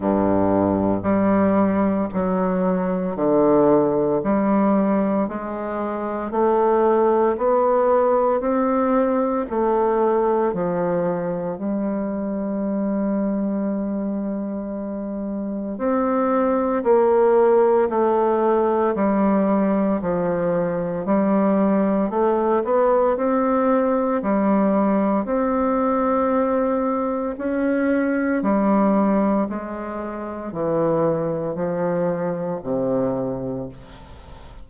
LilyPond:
\new Staff \with { instrumentName = "bassoon" } { \time 4/4 \tempo 4 = 57 g,4 g4 fis4 d4 | g4 gis4 a4 b4 | c'4 a4 f4 g4~ | g2. c'4 |
ais4 a4 g4 f4 | g4 a8 b8 c'4 g4 | c'2 cis'4 g4 | gis4 e4 f4 c4 | }